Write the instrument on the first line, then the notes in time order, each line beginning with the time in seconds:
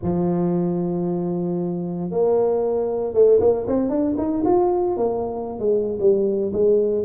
tuba
0.02 F3
2.10 A#3
3.13 A3
3.40 A#3
3.67 C4
3.89 D4
4.17 D#4
4.44 F4
4.96 A#3
5.59 G#3
6.00 G3
6.52 G#3